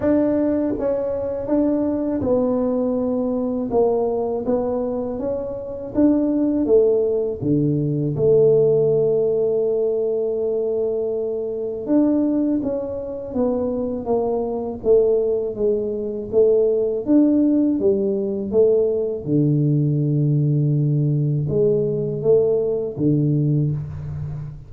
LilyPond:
\new Staff \with { instrumentName = "tuba" } { \time 4/4 \tempo 4 = 81 d'4 cis'4 d'4 b4~ | b4 ais4 b4 cis'4 | d'4 a4 d4 a4~ | a1 |
d'4 cis'4 b4 ais4 | a4 gis4 a4 d'4 | g4 a4 d2~ | d4 gis4 a4 d4 | }